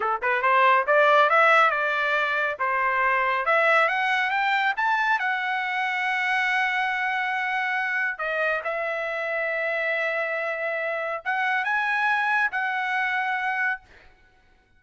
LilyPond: \new Staff \with { instrumentName = "trumpet" } { \time 4/4 \tempo 4 = 139 a'8 b'8 c''4 d''4 e''4 | d''2 c''2 | e''4 fis''4 g''4 a''4 | fis''1~ |
fis''2. dis''4 | e''1~ | e''2 fis''4 gis''4~ | gis''4 fis''2. | }